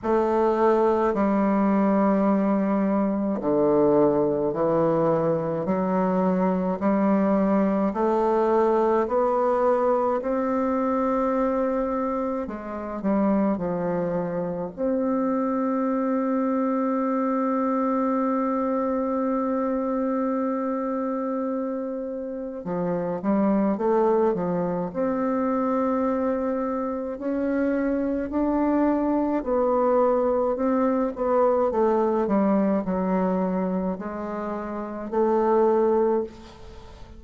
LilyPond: \new Staff \with { instrumentName = "bassoon" } { \time 4/4 \tempo 4 = 53 a4 g2 d4 | e4 fis4 g4 a4 | b4 c'2 gis8 g8 | f4 c'2.~ |
c'1 | f8 g8 a8 f8 c'2 | cis'4 d'4 b4 c'8 b8 | a8 g8 fis4 gis4 a4 | }